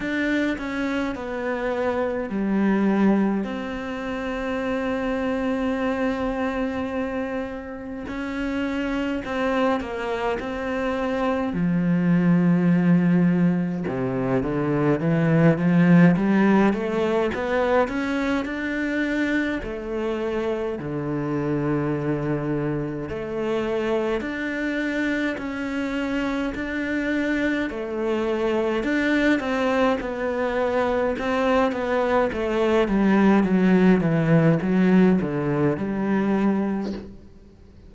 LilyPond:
\new Staff \with { instrumentName = "cello" } { \time 4/4 \tempo 4 = 52 d'8 cis'8 b4 g4 c'4~ | c'2. cis'4 | c'8 ais8 c'4 f2 | c8 d8 e8 f8 g8 a8 b8 cis'8 |
d'4 a4 d2 | a4 d'4 cis'4 d'4 | a4 d'8 c'8 b4 c'8 b8 | a8 g8 fis8 e8 fis8 d8 g4 | }